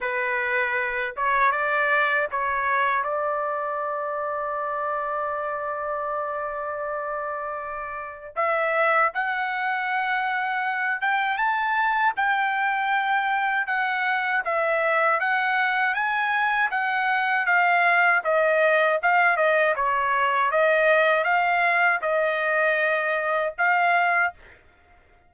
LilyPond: \new Staff \with { instrumentName = "trumpet" } { \time 4/4 \tempo 4 = 79 b'4. cis''8 d''4 cis''4 | d''1~ | d''2. e''4 | fis''2~ fis''8 g''8 a''4 |
g''2 fis''4 e''4 | fis''4 gis''4 fis''4 f''4 | dis''4 f''8 dis''8 cis''4 dis''4 | f''4 dis''2 f''4 | }